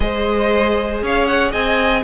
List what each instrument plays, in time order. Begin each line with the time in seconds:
0.00 cello G#3, viola G#4, violin C5 D#5
1.02 cello C#4, violin C#5 F5
1.26 violin F#5
1.51 cello C4, violin D#5 G#5